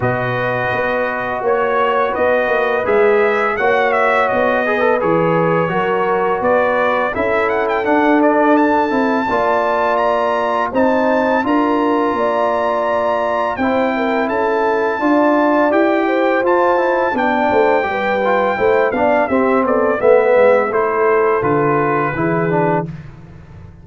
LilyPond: <<
  \new Staff \with { instrumentName = "trumpet" } { \time 4/4 \tempo 4 = 84 dis''2 cis''4 dis''4 | e''4 fis''8 e''8 dis''4 cis''4~ | cis''4 d''4 e''8 fis''16 g''16 fis''8 d''8 | a''2 ais''4 a''4 |
ais''2. g''4 | a''2 g''4 a''4 | g''2~ g''8 f''8 e''8 d''8 | e''4 c''4 b'2 | }
  \new Staff \with { instrumentName = "horn" } { \time 4/4 b'2 cis''4 b'4~ | b'4 cis''4. b'4. | ais'4 b'4 a'2~ | a'4 d''2 c''4 |
ais'4 d''2 c''8 ais'8 | a'4 d''4. c''4. | d''8 c''8 b'4 c''8 d''8 g'8 a'8 | b'4 a'2 gis'4 | }
  \new Staff \with { instrumentName = "trombone" } { \time 4/4 fis'1 | gis'4 fis'4. gis'16 a'16 gis'4 | fis'2 e'4 d'4~ | d'8 e'8 f'2 dis'4 |
f'2. e'4~ | e'4 f'4 g'4 f'8 e'8 | d'4 g'8 f'8 e'8 d'8 c'4 | b4 e'4 f'4 e'8 d'8 | }
  \new Staff \with { instrumentName = "tuba" } { \time 4/4 b,4 b4 ais4 b8 ais8 | gis4 ais4 b4 e4 | fis4 b4 cis'4 d'4~ | d'8 c'8 ais2 c'4 |
d'4 ais2 c'4 | cis'4 d'4 e'4 f'4 | b8 a8 g4 a8 b8 c'8 b8 | a8 gis8 a4 d4 e4 | }
>>